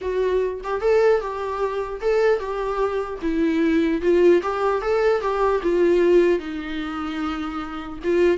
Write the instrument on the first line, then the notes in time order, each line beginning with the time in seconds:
viola
0.01 F#4
0.63 G4
0.81 A4
1.20 G4
2.01 A4
2.39 G4
3.22 E4
4.01 F4
4.42 G4
4.81 A4
5.21 G4
5.63 F4
6.39 D#4
8.03 F4